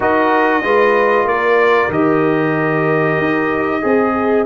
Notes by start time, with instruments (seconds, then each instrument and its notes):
0.00 tuba D#4, trombone F#4, horn A#4, trumpet D#5
0.62 tuba G#3, trombone F4, horn B4
1.24 tuba A#3, horn A#4, trumpet D5
1.88 tuba D#3, trombone G4, trumpet D#5
3.18 tuba D#4
3.81 tuba C4, trombone G#4, horn G#4